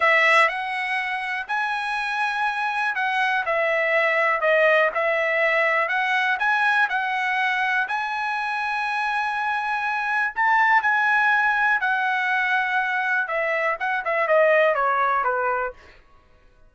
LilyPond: \new Staff \with { instrumentName = "trumpet" } { \time 4/4 \tempo 4 = 122 e''4 fis''2 gis''4~ | gis''2 fis''4 e''4~ | e''4 dis''4 e''2 | fis''4 gis''4 fis''2 |
gis''1~ | gis''4 a''4 gis''2 | fis''2. e''4 | fis''8 e''8 dis''4 cis''4 b'4 | }